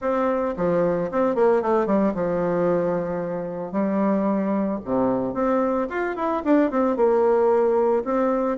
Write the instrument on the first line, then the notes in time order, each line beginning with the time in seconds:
bassoon
0.01 C4
0.56 F3
1.11 C4
1.35 A#3
1.62 A3
1.86 G3
2.14 F3
3.72 G3
4.85 C3
5.34 C4
5.89 F4
6.16 E4
6.44 D4
6.70 C4
6.96 A#3
8.04 C4